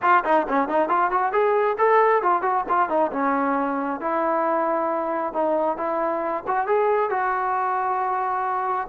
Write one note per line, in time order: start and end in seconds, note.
0.01 0.24 F4
0.24 0.46 D#4
0.48 0.68 C#4
0.68 0.88 D#4
0.88 1.10 F4
1.10 1.32 F#4
1.32 1.76 G#4
1.78 2.22 A4
2.22 2.42 F4
2.42 2.64 F#4
2.68 2.89 F4
2.89 3.11 D#4
3.12 4.00 C#4
4.00 5.33 E4
5.33 5.77 D#4
5.77 6.43 E4
6.47 6.66 F#4
6.66 7.10 G#4
7.10 8.87 F#4